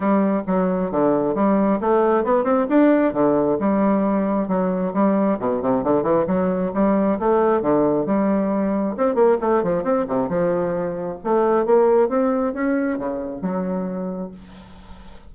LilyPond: \new Staff \with { instrumentName = "bassoon" } { \time 4/4 \tempo 4 = 134 g4 fis4 d4 g4 | a4 b8 c'8 d'4 d4 | g2 fis4 g4 | b,8 c8 d8 e8 fis4 g4 |
a4 d4 g2 | c'8 ais8 a8 f8 c'8 c8 f4~ | f4 a4 ais4 c'4 | cis'4 cis4 fis2 | }